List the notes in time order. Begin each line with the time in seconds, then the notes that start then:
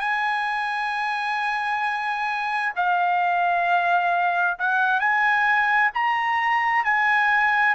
0.00 G#5
2.76 F5
4.59 F#5
5.00 G#5
5.94 A#5
6.84 G#5